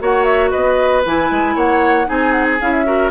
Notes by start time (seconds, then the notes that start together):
0.00 A#3 F#4 C#5 F#5
0.24 E5
0.51 B3 B4 D#5
1.05 E3 E4 G#5
1.31 G#3
1.56 A#3 C#5 F#5
2.06 C4 D#4 G#4 G#5
2.33 F#5
2.44 G#5
2.61 C#4 E4 F5
2.73 E5
2.85 F#4 A#4